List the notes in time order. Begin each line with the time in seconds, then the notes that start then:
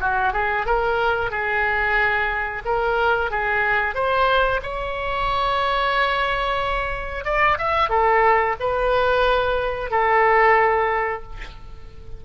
0.00 F#4
0.33 G#4
0.65 A#4
1.30 G#4
2.64 A#4
3.30 G#4
3.94 C5
4.62 C#5
7.24 D5
7.58 E5
7.89 A4
8.60 B4
9.90 A4